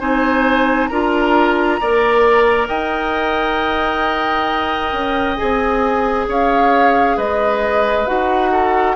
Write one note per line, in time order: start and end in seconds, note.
0.00 0.90 C4
0.00 0.90 D#4
0.00 0.90 C5
0.00 0.88 G#5
0.88 1.80 D4
0.88 1.82 F4
0.88 1.80 A#4
0.88 2.67 A#5
1.81 2.69 A#3
1.81 5.38 A#4
1.81 2.68 D5
2.68 4.93 D#4
2.68 6.26 D#5
2.68 5.37 G5
4.93 5.38 C#4
5.37 6.28 C4
5.37 8.06 G#4
5.37 6.26 G#5
6.28 7.18 C#4
6.28 7.17 C#5
6.28 7.19 F5
7.17 8.07 G#3
7.17 8.51 B4
7.17 8.07 D#5
8.07 8.96 D#4
8.07 8.96 F#4
8.07 8.96 F#5
8.52 8.96 A4